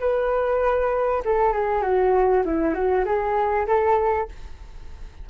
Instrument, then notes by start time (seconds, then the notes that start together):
flute
0.00 B4
1.24 A4
1.52 G#4
1.82 F#4
2.45 E4
2.74 F#4
3.05 G#4
3.67 A4